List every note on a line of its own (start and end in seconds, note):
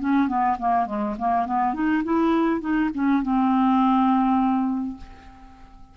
0.00 0.28 C#4
0.28 0.57 B3
0.59 0.86 A#3
0.86 1.15 G#3
1.19 1.46 A#3
1.46 1.74 B3
1.74 2.03 D#4
2.04 2.61 E4
2.61 2.90 D#4
2.94 3.23 C#4
3.23 4.97 C4